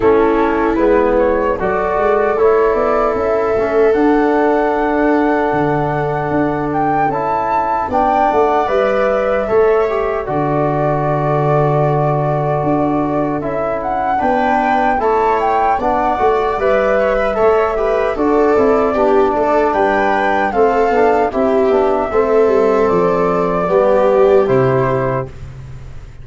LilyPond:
<<
  \new Staff \with { instrumentName = "flute" } { \time 4/4 \tempo 4 = 76 a'4 b'8 cis''8 d''4 cis''8 d''8 | e''4 fis''2.~ | fis''8 g''8 a''4 g''8 fis''8 e''4~ | e''4 d''2.~ |
d''4 e''8 fis''8 g''4 a''8 g''8 | fis''4 e''2 d''4~ | d''4 g''4 f''4 e''4~ | e''4 d''2 c''4 | }
  \new Staff \with { instrumentName = "viola" } { \time 4/4 e'2 a'2~ | a'1~ | a'2 d''2 | cis''4 a'2.~ |
a'2 b'4 cis''4 | d''4. cis''16 b'16 cis''8 b'8 a'4 | g'8 a'8 b'4 a'4 g'4 | a'2 g'2 | }
  \new Staff \with { instrumentName = "trombone" } { \time 4/4 cis'4 b4 fis'4 e'4~ | e'8 cis'8 d'2.~ | d'4 e'4 d'4 b'4 | a'8 g'8 fis'2.~ |
fis'4 e'4 d'4 e'4 | d'8 fis'8 b'4 a'8 g'8 fis'8 e'8 | d'2 c'8 d'8 e'8 d'8 | c'2 b4 e'4 | }
  \new Staff \with { instrumentName = "tuba" } { \time 4/4 a4 gis4 fis8 gis8 a8 b8 | cis'8 a8 d'2 d4 | d'4 cis'4 b8 a8 g4 | a4 d2. |
d'4 cis'4 b4 a4 | b8 a8 g4 a4 d'8 c'8 | b8 a8 g4 a8 b8 c'8 b8 | a8 g8 f4 g4 c4 | }
>>